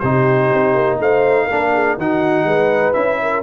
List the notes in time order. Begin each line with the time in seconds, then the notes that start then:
0.00 C3 D#4 G4 C5
0.54 C4
0.75 A#3
1.00 A3 C5 F5
1.45 D4 A#4
1.52 A#3
1.73 G#4
1.97 D#3 D#4 F#4 F#5
2.44 G#3 B4
2.94 C#4 E4 E5
3.22 A#4